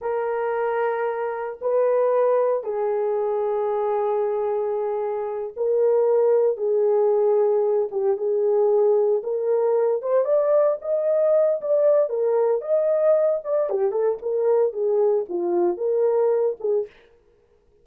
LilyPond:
\new Staff \with { instrumentName = "horn" } { \time 4/4 \tempo 4 = 114 ais'2. b'4~ | b'4 gis'2.~ | gis'2~ gis'8 ais'4.~ | ais'8 gis'2~ gis'8 g'8 gis'8~ |
gis'4. ais'4. c''8 d''8~ | d''8 dis''4. d''4 ais'4 | dis''4. d''8 g'8 a'8 ais'4 | gis'4 f'4 ais'4. gis'8 | }